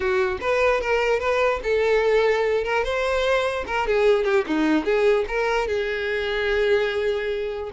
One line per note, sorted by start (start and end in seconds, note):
0.00 0.38 F#4
0.41 0.81 B4
0.81 1.19 A#4
1.19 1.60 B4
1.63 2.64 A4
2.64 2.83 A#4
2.83 3.64 C5
3.66 3.87 A#4
3.87 4.24 G#4
4.24 4.44 G4
4.46 4.84 D#4
4.84 5.25 G#4
5.28 5.67 A#4
5.67 7.70 G#4